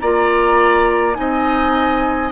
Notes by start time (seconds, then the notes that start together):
0.00 A#3 F4 D5 A#5
1.14 C4 D#4 D#5 G#5